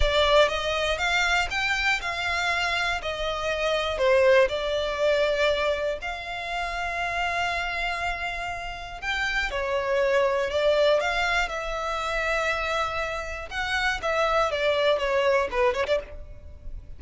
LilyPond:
\new Staff \with { instrumentName = "violin" } { \time 4/4 \tempo 4 = 120 d''4 dis''4 f''4 g''4 | f''2 dis''2 | c''4 d''2. | f''1~ |
f''2 g''4 cis''4~ | cis''4 d''4 f''4 e''4~ | e''2. fis''4 | e''4 d''4 cis''4 b'8 cis''16 d''16 | }